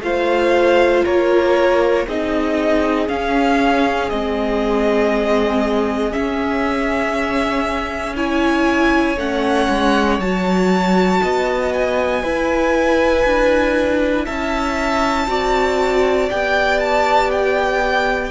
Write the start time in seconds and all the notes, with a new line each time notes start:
0.00 A3 F4 C5 F5
1.05 A#3 A#4 C#5
2.07 C4 D#4 G#4 D#5
3.08 C#4 F5
4.10 G#3 C4 D#5
6.11 C#4 E5
8.15 E4 C#5 G#5
9.17 A3 C#4 F#5
9.69 G#3
10.19 F#3 F#4 A5
11.22 B3 D#5
11.73 G#5
12.22 E4 B4
13.25 D4
14.25 C#4 E5 A5
15.27 C4 F#4 D5
16.30 B3 G4 G5
16.80 A5
17.31 G5